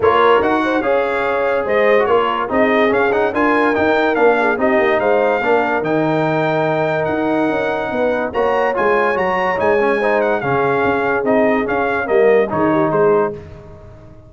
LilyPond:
<<
  \new Staff \with { instrumentName = "trumpet" } { \time 4/4 \tempo 4 = 144 cis''4 fis''4 f''2 | dis''4 cis''4 dis''4 f''8 fis''8 | gis''4 g''4 f''4 dis''4 | f''2 g''2~ |
g''4 fis''2. | ais''4 gis''4 ais''4 gis''4~ | gis''8 fis''8 f''2 dis''4 | f''4 dis''4 cis''4 c''4 | }
  \new Staff \with { instrumentName = "horn" } { \time 4/4 ais'4. c''8 cis''2 | c''4 ais'4 gis'2 | ais'2~ ais'8 gis'8 g'4 | c''4 ais'2.~ |
ais'2. b'4 | cis''1 | c''4 gis'2.~ | gis'4 ais'4 gis'8 g'8 gis'4 | }
  \new Staff \with { instrumentName = "trombone" } { \time 4/4 f'4 fis'4 gis'2~ | gis'8. fis'16 f'4 dis'4 cis'8 dis'8 | f'4 dis'4 d'4 dis'4~ | dis'4 d'4 dis'2~ |
dis'1 | fis'4 f'4 fis'4 dis'8 cis'8 | dis'4 cis'2 dis'4 | cis'4 ais4 dis'2 | }
  \new Staff \with { instrumentName = "tuba" } { \time 4/4 ais4 dis'4 cis'2 | gis4 ais4 c'4 cis'4 | d'4 dis'4 ais4 c'8 ais8 | gis4 ais4 dis2~ |
dis4 dis'4 cis'4 b4 | ais4 gis4 fis4 gis4~ | gis4 cis4 cis'4 c'4 | cis'4 g4 dis4 gis4 | }
>>